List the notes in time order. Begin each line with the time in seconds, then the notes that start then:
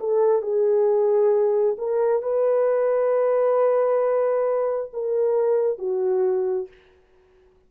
0.00 A4
0.42 G#4
1.78 A#4
2.23 B4
4.93 A#4
5.78 F#4